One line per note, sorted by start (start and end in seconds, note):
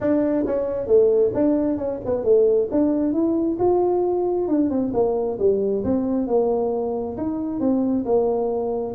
0.00 0.45 D4
0.46 0.86 C#4
0.86 1.31 A3
1.34 1.77 D4
1.77 1.99 C#4
2.05 2.24 B3
2.24 2.69 A3
2.71 3.12 D4
3.12 3.57 E4
3.59 4.48 F4
4.48 4.70 D4
4.70 4.92 C4
4.93 5.38 A#3
5.39 5.83 G3
5.84 6.27 C4
6.27 7.16 A#3
7.17 7.60 D#4
7.60 8.05 C4
8.05 8.94 A#3